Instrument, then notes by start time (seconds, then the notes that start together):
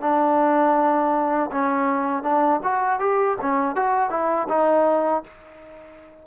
trombone
0.00 D4
1.51 C#4
2.22 D4
2.63 F#4
2.99 G4
3.41 C#4
3.75 F#4
4.10 E4
4.48 D#4